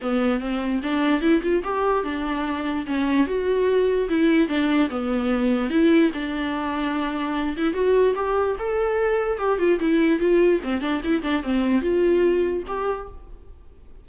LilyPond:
\new Staff \with { instrumentName = "viola" } { \time 4/4 \tempo 4 = 147 b4 c'4 d'4 e'8 f'8 | g'4 d'2 cis'4 | fis'2 e'4 d'4 | b2 e'4 d'4~ |
d'2~ d'8 e'8 fis'4 | g'4 a'2 g'8 f'8 | e'4 f'4 c'8 d'8 e'8 d'8 | c'4 f'2 g'4 | }